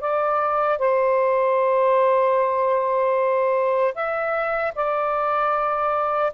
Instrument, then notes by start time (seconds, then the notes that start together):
saxophone
0.00 D5
0.78 C5
3.94 E5
4.75 D5